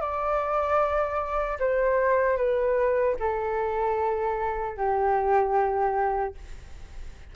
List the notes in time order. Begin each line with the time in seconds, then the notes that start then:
0.00 D5
1.59 C5
2.36 B4
3.19 A4
4.77 G4